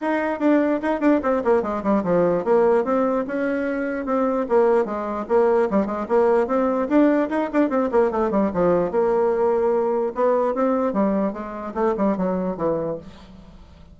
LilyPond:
\new Staff \with { instrumentName = "bassoon" } { \time 4/4 \tempo 4 = 148 dis'4 d'4 dis'8 d'8 c'8 ais8 | gis8 g8 f4 ais4 c'4 | cis'2 c'4 ais4 | gis4 ais4 g8 gis8 ais4 |
c'4 d'4 dis'8 d'8 c'8 ais8 | a8 g8 f4 ais2~ | ais4 b4 c'4 g4 | gis4 a8 g8 fis4 e4 | }